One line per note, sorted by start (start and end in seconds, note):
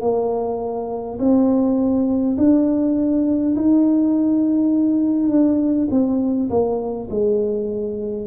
0.00 1.18 A#3
1.19 2.36 C4
2.37 3.55 D4
3.56 5.29 D#4
5.29 5.88 D4
5.90 6.49 C4
6.49 7.08 A#3
7.10 8.27 G#3